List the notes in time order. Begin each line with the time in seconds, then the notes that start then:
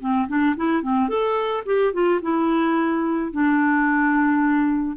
0.00 C4
0.28 D4
0.56 E4
0.82 C4
1.09 A4
1.65 G4
1.93 F4
2.22 E4
3.32 D4